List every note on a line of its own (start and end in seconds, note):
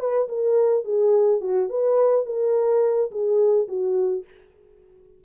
0.00 0.28 B4
0.29 0.85 A#4
0.85 1.41 G#4
1.41 1.69 F#4
1.70 2.26 B4
2.26 3.11 A#4
3.11 3.68 G#4
3.68 4.25 F#4